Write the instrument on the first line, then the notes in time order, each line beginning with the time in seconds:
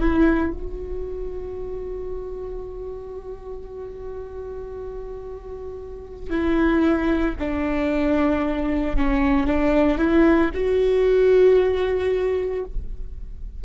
viola
0.00 E4
0.53 F#4
6.30 E4
7.39 D4
8.97 C#4
9.47 D4
9.98 E4
10.54 F#4